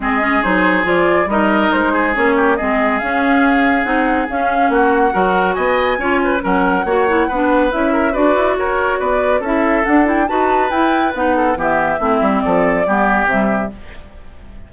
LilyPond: <<
  \new Staff \with { instrumentName = "flute" } { \time 4/4 \tempo 4 = 140 dis''4 c''4 d''4 dis''4 | c''4 cis''4 dis''4 f''4~ | f''4 fis''4 f''4 fis''4~ | fis''4 gis''2 fis''4~ |
fis''2 e''4 d''4 | cis''4 d''4 e''4 fis''8 g''8 | a''4 g''4 fis''4 e''4~ | e''4 d''2 e''4 | }
  \new Staff \with { instrumentName = "oboe" } { \time 4/4 gis'2. ais'4~ | ais'8 gis'4 g'8 gis'2~ | gis'2. fis'4 | ais'4 dis''4 cis''8 b'8 ais'4 |
cis''4 b'4. ais'8 b'4 | ais'4 b'4 a'2 | b'2~ b'8 a'8 g'4 | e'4 a'4 g'2 | }
  \new Staff \with { instrumentName = "clarinet" } { \time 4/4 c'8 cis'8 dis'4 f'4 dis'4~ | dis'4 cis'4 c'4 cis'4~ | cis'4 dis'4 cis'2 | fis'2 f'4 cis'4 |
fis'8 e'8 d'4 e'4 fis'4~ | fis'2 e'4 d'8 e'8 | fis'4 e'4 dis'4 b4 | c'2 b4 g4 | }
  \new Staff \with { instrumentName = "bassoon" } { \time 4/4 gis4 fis4 f4 g4 | gis4 ais4 gis4 cis'4~ | cis'4 c'4 cis'4 ais4 | fis4 b4 cis'4 fis4 |
ais4 b4 cis'4 d'8 e'8 | fis'4 b4 cis'4 d'4 | dis'4 e'4 b4 e4 | a8 g8 f4 g4 c4 | }
>>